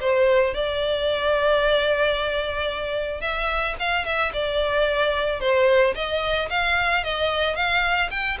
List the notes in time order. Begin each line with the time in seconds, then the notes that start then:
0.00 C5
0.54 D5
3.21 E5
3.79 F5
4.05 E5
4.32 D5
5.40 C5
5.94 D#5
6.50 F5
7.03 D#5
7.55 F5
8.10 G5